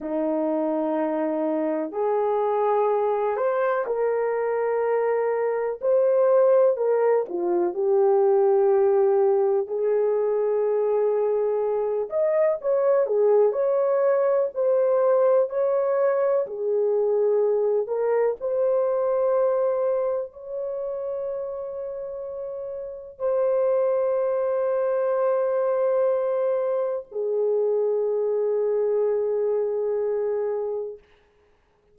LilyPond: \new Staff \with { instrumentName = "horn" } { \time 4/4 \tempo 4 = 62 dis'2 gis'4. c''8 | ais'2 c''4 ais'8 f'8 | g'2 gis'2~ | gis'8 dis''8 cis''8 gis'8 cis''4 c''4 |
cis''4 gis'4. ais'8 c''4~ | c''4 cis''2. | c''1 | gis'1 | }